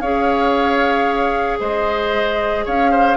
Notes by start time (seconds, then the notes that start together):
0.00 C#4 G#4 C#5 F5
1.60 G#3 C5 D#5
2.65 C#4 C#5 F5
2.91 C5